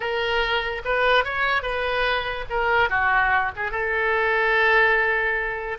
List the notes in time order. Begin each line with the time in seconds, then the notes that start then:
0.00 A#4
0.84 B4
1.24 C#5
1.62 B4
2.49 A#4
2.89 F#4
3.56 G#4
3.71 A4